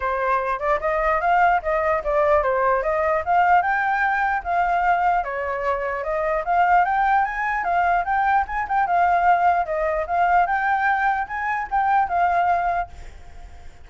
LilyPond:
\new Staff \with { instrumentName = "flute" } { \time 4/4 \tempo 4 = 149 c''4. d''8 dis''4 f''4 | dis''4 d''4 c''4 dis''4 | f''4 g''2 f''4~ | f''4 cis''2 dis''4 |
f''4 g''4 gis''4 f''4 | g''4 gis''8 g''8 f''2 | dis''4 f''4 g''2 | gis''4 g''4 f''2 | }